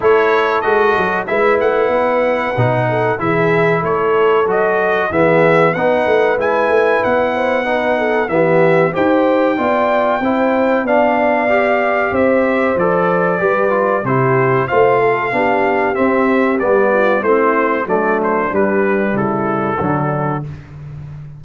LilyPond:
<<
  \new Staff \with { instrumentName = "trumpet" } { \time 4/4 \tempo 4 = 94 cis''4 dis''4 e''8 fis''4.~ | fis''4 e''4 cis''4 dis''4 | e''4 fis''4 gis''4 fis''4~ | fis''4 e''4 g''2~ |
g''4 f''2 e''4 | d''2 c''4 f''4~ | f''4 e''4 d''4 c''4 | d''8 c''8 b'4 a'2 | }
  \new Staff \with { instrumentName = "horn" } { \time 4/4 a'2 b'2~ | b'8 a'8 gis'4 a'2 | gis'4 b'2~ b'8 c''8 | b'8 a'8 g'4 c''4 d''4 |
c''4 d''2 c''4~ | c''4 b'4 g'4 c''8 a'8 | g'2~ g'8 f'8 e'4 | d'2 e'4 d'4 | }
  \new Staff \with { instrumentName = "trombone" } { \time 4/4 e'4 fis'4 e'2 | dis'4 e'2 fis'4 | b4 dis'4 e'2 | dis'4 b4 g'4 f'4 |
e'4 d'4 g'2 | a'4 g'8 f'8 e'4 f'4 | d'4 c'4 b4 c'4 | a4 g2 fis4 | }
  \new Staff \with { instrumentName = "tuba" } { \time 4/4 a4 gis8 fis8 gis8 a8 b4 | b,4 e4 a4 fis4 | e4 b8 a8 gis8 a8 b4~ | b4 e4 dis'4 b4 |
c'4 b2 c'4 | f4 g4 c4 a4 | b4 c'4 g4 a4 | fis4 g4 cis4 d4 | }
>>